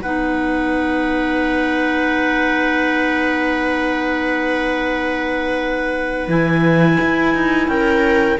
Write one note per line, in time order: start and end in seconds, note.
0.00 6.28 B3
0.00 6.29 D#4
0.00 7.69 B4
0.00 6.30 F#5
6.28 6.97 E3
6.28 8.39 E4
6.28 7.68 G#5
7.00 7.34 E4
7.34 7.68 D#4
7.68 8.38 C#4
7.68 8.40 A#4
7.68 8.38 G5